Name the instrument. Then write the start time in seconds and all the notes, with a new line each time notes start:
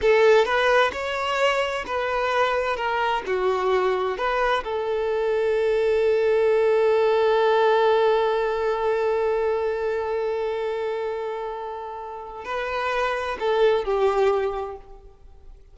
violin
0.01 A4
0.45 B4
0.92 C#5
1.86 B4
2.76 A#4
3.26 F#4
4.17 B4
4.63 A4
12.44 B4
13.39 A4
13.84 G4